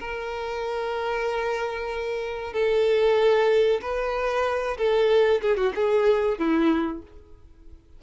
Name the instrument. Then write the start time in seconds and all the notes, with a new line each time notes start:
violin
0.00 A#4
2.53 A4
3.82 B4
4.78 A4
5.42 G#4
5.57 F#4
5.76 G#4
6.39 E4